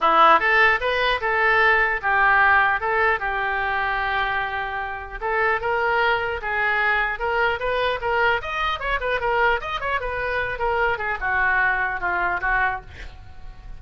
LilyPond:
\new Staff \with { instrumentName = "oboe" } { \time 4/4 \tempo 4 = 150 e'4 a'4 b'4 a'4~ | a'4 g'2 a'4 | g'1~ | g'4 a'4 ais'2 |
gis'2 ais'4 b'4 | ais'4 dis''4 cis''8 b'8 ais'4 | dis''8 cis''8 b'4. ais'4 gis'8 | fis'2 f'4 fis'4 | }